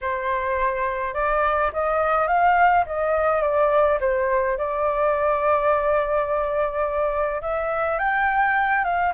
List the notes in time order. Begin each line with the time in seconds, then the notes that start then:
0.01 C5
1.14 D5
1.72 D#5
2.27 F5
2.85 D#5
3.41 D5
4.00 C5
4.57 D5
7.41 E5
7.98 G5
8.84 F5